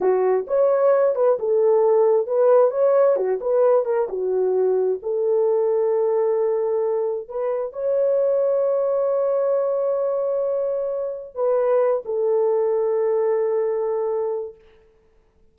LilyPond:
\new Staff \with { instrumentName = "horn" } { \time 4/4 \tempo 4 = 132 fis'4 cis''4. b'8 a'4~ | a'4 b'4 cis''4 fis'8 b'8~ | b'8 ais'8 fis'2 a'4~ | a'1 |
b'4 cis''2.~ | cis''1~ | cis''4 b'4. a'4.~ | a'1 | }